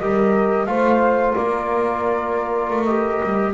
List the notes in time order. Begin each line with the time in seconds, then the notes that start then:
0.00 G3 G4 A#4 D#5
0.66 A3 F4 C5 F5
1.35 A#3 A#4 D5
2.71 A3
2.85 G4 D#5
3.23 G3